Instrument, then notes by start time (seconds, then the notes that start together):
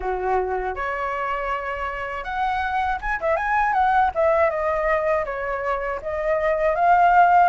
flute
0.00 F#4
0.75 C#5
2.23 F#5
3.01 G#5
3.20 E5
3.36 G#5
3.73 F#5
4.15 E5
4.50 D#5
5.25 C#5
6.02 D#5
6.75 F5